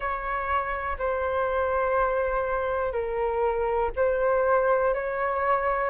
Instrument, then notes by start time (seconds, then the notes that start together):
flute
0.00 C#5
0.98 C5
2.92 A#4
3.96 C5
4.94 C#5